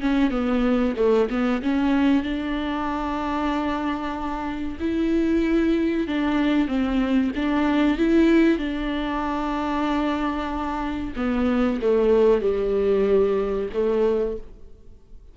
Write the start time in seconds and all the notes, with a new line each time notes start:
0.00 C#4
0.30 B3
0.97 A3
1.30 B3
1.62 C#4
2.23 D4
4.80 E4
6.08 D4
6.68 C4
7.35 D4
7.98 E4
8.58 D4
11.16 B3
11.81 A3
12.41 G3
13.73 A3